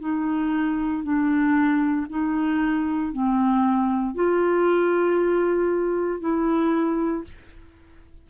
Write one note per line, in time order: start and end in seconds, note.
0.00 1.03 D#4
1.03 2.07 D4
2.10 3.13 D#4
3.13 4.15 C4
4.15 6.21 F4
6.21 7.24 E4